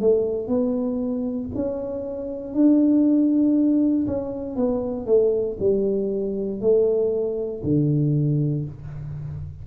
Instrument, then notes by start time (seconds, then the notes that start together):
tuba
0.00 A3
0.47 B3
1.55 C#4
2.54 D4
4.07 C#4
4.56 B3
5.06 A3
5.59 G3
6.61 A3
7.63 D3